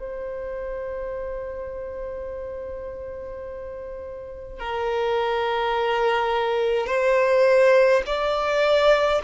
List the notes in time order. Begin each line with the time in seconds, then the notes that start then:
0.00 C5
4.60 A#4
6.87 C5
8.07 D5